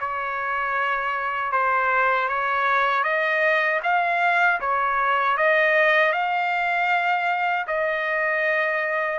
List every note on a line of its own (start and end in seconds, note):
0.00 1.52 C#5
1.52 2.29 C5
2.29 3.04 C#5
3.04 3.81 D#5
3.83 4.60 F5
4.61 5.37 C#5
5.37 6.13 D#5
6.13 7.66 F5
7.67 9.19 D#5